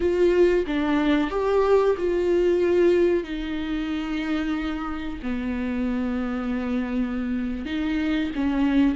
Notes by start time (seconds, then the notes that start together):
0.00 F4
0.67 D4
1.30 G4
1.97 F4
3.23 D#4
5.22 B3
7.65 D#4
8.35 C#4